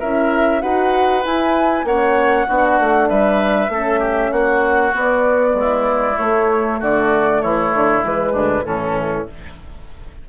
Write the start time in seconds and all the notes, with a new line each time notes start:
0.00 C#4 E4 A#4 E5
0.62 D#4 F#4 B4 F#5
1.23 E4 G#5
1.85 A#3 C#4 C#5 F#5
2.47 B3 D4 F#4
2.80 A3
3.09 G3 B4 E5
3.69 A3 C#4 A4
4.00 G4
4.32 A#3 F#4 F#5
4.94 B3 D5
5.55 G#3 E4
6.16 A3 C#5
6.80 D3 F#4 D5
7.42 E3 E4 C#5
7.75 D3
8.03 E3 G#3 B4
8.33 D2 D4
8.66 A2 E3 C#4 A4